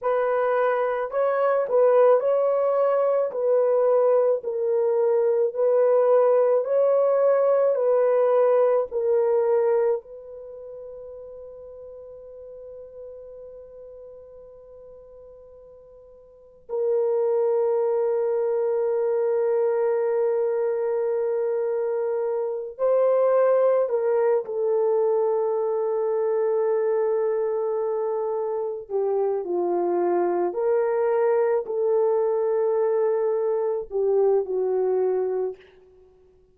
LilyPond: \new Staff \with { instrumentName = "horn" } { \time 4/4 \tempo 4 = 54 b'4 cis''8 b'8 cis''4 b'4 | ais'4 b'4 cis''4 b'4 | ais'4 b'2.~ | b'2. ais'4~ |
ais'1~ | ais'8 c''4 ais'8 a'2~ | a'2 g'8 f'4 ais'8~ | ais'8 a'2 g'8 fis'4 | }